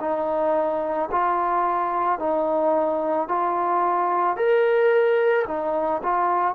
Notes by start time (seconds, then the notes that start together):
0.00 D#4
1.11 F4
2.19 D#4
3.28 F4
4.36 A#4
5.47 D#4
6.03 F4